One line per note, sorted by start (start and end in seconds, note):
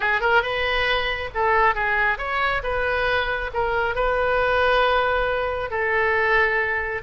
0.00 0.21 G#4
0.21 0.42 A#4
0.42 1.29 B4
1.34 1.74 A4
1.74 2.18 G#4
2.18 2.61 C#5
2.63 3.50 B4
3.53 3.95 A#4
3.95 5.70 B4
5.70 7.02 A4